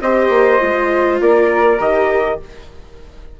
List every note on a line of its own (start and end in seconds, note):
0.00 0.29 C4
0.00 0.59 G4
0.00 1.21 C5
0.00 1.19 D#5
0.29 0.59 A#3
0.59 1.20 G#3
0.59 1.78 F4
1.20 1.79 A#3
1.20 2.40 A#4
1.20 1.80 D5
1.78 2.39 D#3
1.78 2.37 G4
1.78 2.39 D#5